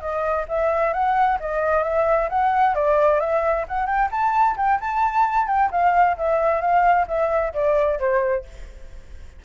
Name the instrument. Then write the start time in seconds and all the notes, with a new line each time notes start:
flute
0.00 D#5
0.48 E5
0.93 F#5
1.39 D#5
1.83 E5
2.29 F#5
2.74 D5
3.20 E5
3.68 F#5
3.86 G5
4.11 A5
4.56 G5
4.80 A5
5.47 G5
5.71 F5
6.17 E5
6.61 F5
7.07 E5
7.53 D5
7.99 C5